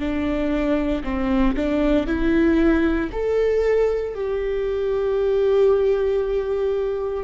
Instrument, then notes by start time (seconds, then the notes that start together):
viola
0.00 D4
1.04 C4
1.57 D4
2.07 E4
3.13 A4
4.15 G4